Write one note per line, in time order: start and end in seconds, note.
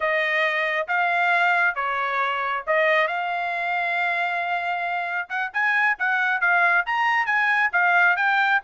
0.00 0.87 D#5
0.87 1.75 F5
1.75 2.63 C#5
2.66 3.07 D#5
3.07 5.28 F5
5.29 5.51 F#5
5.53 5.97 G#5
5.98 6.40 F#5
6.40 6.84 F5
6.86 7.26 A#5
7.26 7.70 G#5
7.72 8.16 F5
8.16 8.60 G5